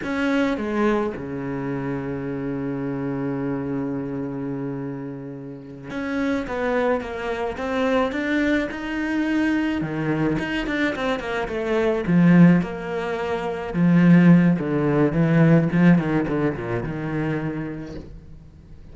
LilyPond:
\new Staff \with { instrumentName = "cello" } { \time 4/4 \tempo 4 = 107 cis'4 gis4 cis2~ | cis1~ | cis2~ cis8 cis'4 b8~ | b8 ais4 c'4 d'4 dis'8~ |
dis'4. dis4 dis'8 d'8 c'8 | ais8 a4 f4 ais4.~ | ais8 f4. d4 e4 | f8 dis8 d8 ais,8 dis2 | }